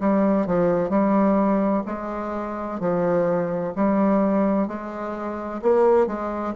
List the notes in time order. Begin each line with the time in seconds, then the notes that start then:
0.00 G3
0.46 F3
0.89 G3
1.86 G#3
2.80 F3
3.76 G3
4.67 G#3
5.62 A#3
6.07 G#3